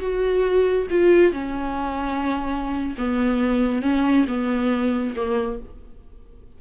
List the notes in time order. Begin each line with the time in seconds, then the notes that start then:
0.00 F#4
0.90 F4
1.32 C#4
2.98 B3
3.82 C#4
4.27 B3
5.16 A#3